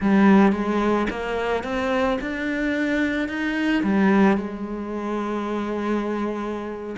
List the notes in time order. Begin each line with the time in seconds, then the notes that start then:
0.00 G3
0.52 G#3
1.09 A#3
1.63 C4
2.21 D4
3.28 D#4
3.83 G3
4.37 G#3